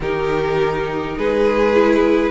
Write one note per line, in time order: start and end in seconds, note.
0.00 1.16 D#3
0.00 1.74 D#4
0.00 1.17 G4
0.00 1.17 A#4
1.17 2.31 G#3
1.17 2.31 G#4
1.17 2.31 B4
1.74 2.31 E4